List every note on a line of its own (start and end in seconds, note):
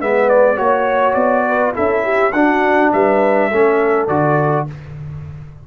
0.00 0.59 G#3
0.00 0.57 B3
0.00 0.56 B4
0.00 0.30 E5
0.30 0.58 D5
0.56 1.16 A#3
0.56 1.73 F#4
0.56 1.44 C#5
0.56 1.14 C#5
1.14 1.74 B3
1.14 1.73 D5
1.47 1.76 B4
1.73 2.33 C#4
1.73 2.32 E4
1.73 2.04 A4
1.73 2.33 E5
2.04 2.33 G4
2.33 2.91 D4
2.33 3.52 D4
2.33 2.93 F#4
2.33 2.91 F#5
2.93 3.52 G3
2.93 3.51 B4
2.93 4.08 E5
3.51 4.08 A3
3.51 4.09 C#4
3.51 4.67 A4
4.08 4.67 D3
4.08 4.67 F#4
4.08 4.66 D5